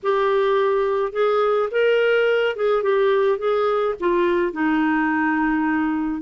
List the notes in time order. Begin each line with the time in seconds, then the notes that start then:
0.03 G4
1.12 G#4
1.71 A#4
2.56 G#4
2.82 G4
3.38 G#4
3.99 F4
4.52 D#4